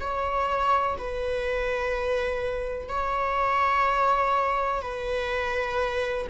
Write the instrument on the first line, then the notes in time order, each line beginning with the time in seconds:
viola
0.00 C#5
0.97 B4
2.88 C#5
4.81 B4